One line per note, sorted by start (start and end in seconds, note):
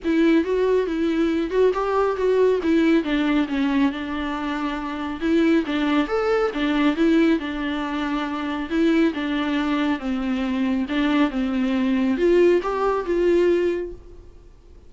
0.04 0.44 E4
0.44 0.86 F#4
0.86 1.50 E4
1.50 1.72 F#4
1.73 2.16 G4
2.16 2.59 F#4
2.62 3.03 E4
3.03 3.47 D4
3.48 3.91 C#4
3.91 5.20 D4
5.20 5.64 E4
5.66 6.07 D4
6.07 6.51 A4
6.53 6.96 D4
6.96 7.39 E4
7.39 8.69 D4
8.69 9.13 E4
9.14 9.99 D4
9.99 10.86 C4
10.88 11.30 D4
11.30 12.17 C4
12.17 12.60 F4
12.62 13.05 G4
13.05 13.92 F4